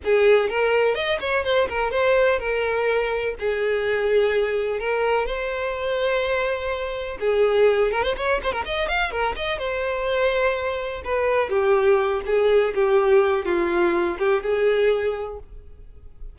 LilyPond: \new Staff \with { instrumentName = "violin" } { \time 4/4 \tempo 4 = 125 gis'4 ais'4 dis''8 cis''8 c''8 ais'8 | c''4 ais'2 gis'4~ | gis'2 ais'4 c''4~ | c''2. gis'4~ |
gis'8 ais'16 c''16 cis''8 c''16 ais'16 dis''8 f''8 ais'8 dis''8 | c''2. b'4 | g'4. gis'4 g'4. | f'4. g'8 gis'2 | }